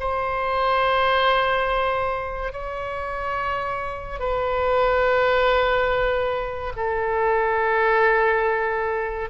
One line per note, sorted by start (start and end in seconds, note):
0.00 2.53 C5
2.53 4.19 C#5
4.19 6.73 B4
6.76 9.30 A4